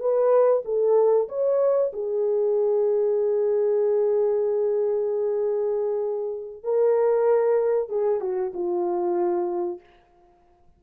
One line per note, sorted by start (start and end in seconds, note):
0.00 0.63 B4
0.65 1.28 A4
1.29 1.92 C#5
1.93 6.64 G#4
6.64 7.89 A#4
7.89 8.21 G#4
8.21 8.52 F#4
8.54 9.80 F4